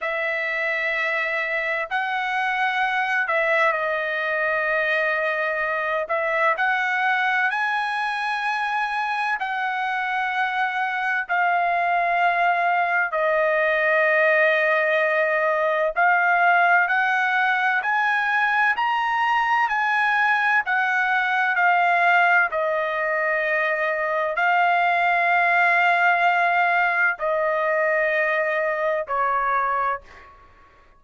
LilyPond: \new Staff \with { instrumentName = "trumpet" } { \time 4/4 \tempo 4 = 64 e''2 fis''4. e''8 | dis''2~ dis''8 e''8 fis''4 | gis''2 fis''2 | f''2 dis''2~ |
dis''4 f''4 fis''4 gis''4 | ais''4 gis''4 fis''4 f''4 | dis''2 f''2~ | f''4 dis''2 cis''4 | }